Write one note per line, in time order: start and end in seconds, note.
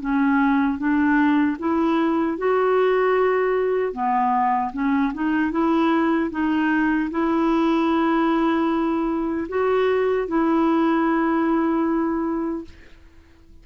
0.00 0.78 C#4
0.78 1.57 D4
1.59 2.38 E4
2.38 3.92 F#4
3.92 4.71 B3
4.73 5.12 C#4
5.14 5.51 D#4
5.51 6.30 E4
6.31 7.09 D#4
7.11 9.47 E4
9.48 10.27 F#4
10.27 12.64 E4